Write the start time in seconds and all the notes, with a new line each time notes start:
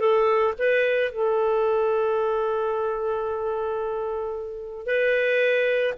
0.00 A4
0.58 B4
1.12 A4
4.86 B4